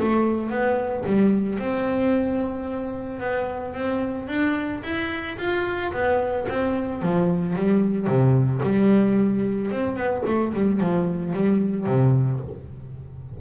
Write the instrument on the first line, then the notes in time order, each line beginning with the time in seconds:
double bass
0.00 A3
0.50 B3
1.06 G3
1.59 C4
3.20 B3
3.74 C4
4.29 D4
4.84 E4
5.38 F4
5.93 B3
6.49 C4
7.02 F3
7.56 G3
8.07 C3
8.63 G3
9.71 C4
9.96 B3
10.27 A3
10.54 G3
10.81 F3
11.34 G3
11.87 C3